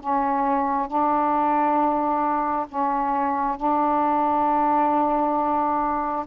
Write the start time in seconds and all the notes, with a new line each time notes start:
0.00 C#4
0.88 D4
2.68 C#4
3.57 D4